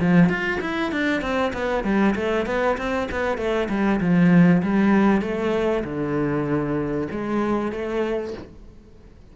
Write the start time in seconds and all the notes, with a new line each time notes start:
0.00 F3
0.29 F4
0.61 E4
0.91 D4
1.21 C4
1.53 B3
1.84 G3
2.15 A3
2.46 B3
2.78 C4
3.11 B3
3.37 A3
3.69 G3
4.00 F3
4.62 G3
5.22 A3
5.84 D3
7.11 G#3
7.72 A3